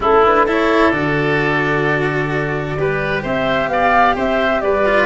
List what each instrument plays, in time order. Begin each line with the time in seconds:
0.00 tuba A3, cello C#4, oboe E4, flute A4
0.24 cello D4, flute B4
0.46 cello E4, oboe A4, flute C#5
0.90 tuba D3, cello F#4, flute D5
2.76 tuba G3, cello G4, oboe B4
3.22 tuba C4, oboe C5, flute E5
3.68 tuba B3, oboe D5, flute F5
4.15 tuba C4, oboe C5, flute E5
4.61 tuba G3, oboe B4, flute D5
4.85 cello F4